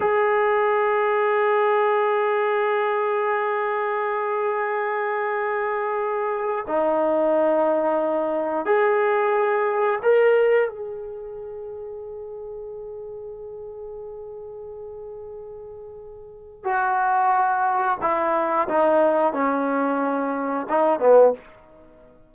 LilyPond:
\new Staff \with { instrumentName = "trombone" } { \time 4/4 \tempo 4 = 90 gis'1~ | gis'1~ | gis'2 dis'2~ | dis'4 gis'2 ais'4 |
gis'1~ | gis'1~ | gis'4 fis'2 e'4 | dis'4 cis'2 dis'8 b8 | }